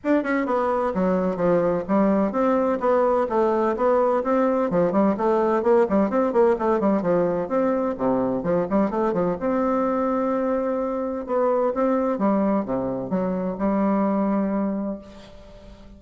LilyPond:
\new Staff \with { instrumentName = "bassoon" } { \time 4/4 \tempo 4 = 128 d'8 cis'8 b4 fis4 f4 | g4 c'4 b4 a4 | b4 c'4 f8 g8 a4 | ais8 g8 c'8 ais8 a8 g8 f4 |
c'4 c4 f8 g8 a8 f8 | c'1 | b4 c'4 g4 c4 | fis4 g2. | }